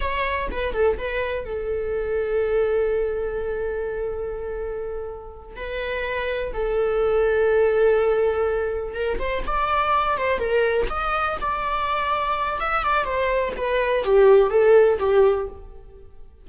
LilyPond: \new Staff \with { instrumentName = "viola" } { \time 4/4 \tempo 4 = 124 cis''4 b'8 a'8 b'4 a'4~ | a'1~ | a'2.~ a'8 b'8~ | b'4. a'2~ a'8~ |
a'2~ a'8 ais'8 c''8 d''8~ | d''4 c''8 ais'4 dis''4 d''8~ | d''2 e''8 d''8 c''4 | b'4 g'4 a'4 g'4 | }